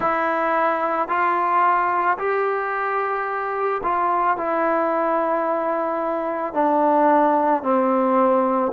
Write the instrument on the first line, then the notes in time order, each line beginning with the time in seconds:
trombone
0.00 E4
1.08 F4
2.18 G4
3.83 F4
4.37 E4
6.53 D4
7.63 C4